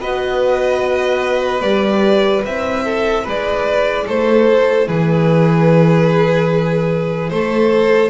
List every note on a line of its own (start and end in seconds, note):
0.00 1.62 B3
0.00 1.62 F#4
0.00 2.84 B4
0.00 1.61 D#5
1.61 2.43 G3
1.61 2.44 G4
1.61 2.43 D5
2.44 3.26 C4
2.44 8.10 E4
2.44 3.27 E5
2.84 3.23 A4
3.23 4.08 G#3
3.23 4.05 B4
3.23 4.08 D5
4.07 4.88 A3
4.07 4.88 A4
4.07 4.88 C5
4.88 7.30 E3
4.88 7.31 G#4
4.88 7.30 B4
7.30 8.10 A3
7.30 8.10 A4
7.30 8.10 C5